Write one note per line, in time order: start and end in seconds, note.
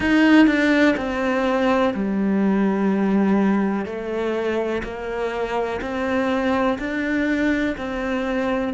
0.00 0.46 D#4
0.46 0.95 D4
0.96 1.93 C4
1.94 3.85 G3
3.85 4.82 A3
4.83 5.80 A#3
5.81 6.78 C4
6.78 7.75 D4
7.77 8.73 C4